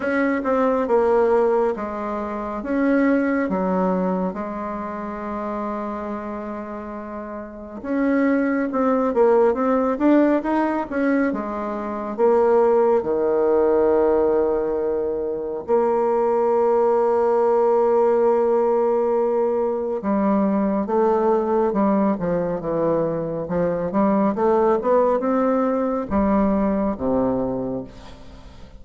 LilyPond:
\new Staff \with { instrumentName = "bassoon" } { \time 4/4 \tempo 4 = 69 cis'8 c'8 ais4 gis4 cis'4 | fis4 gis2.~ | gis4 cis'4 c'8 ais8 c'8 d'8 | dis'8 cis'8 gis4 ais4 dis4~ |
dis2 ais2~ | ais2. g4 | a4 g8 f8 e4 f8 g8 | a8 b8 c'4 g4 c4 | }